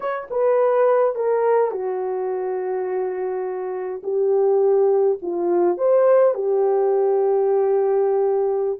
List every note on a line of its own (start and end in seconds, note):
0.00 0.27 C#5
0.30 1.15 B4
1.15 1.71 A#4
1.71 4.01 F#4
4.03 5.18 G4
5.22 5.77 F4
5.77 6.34 C5
6.34 8.79 G4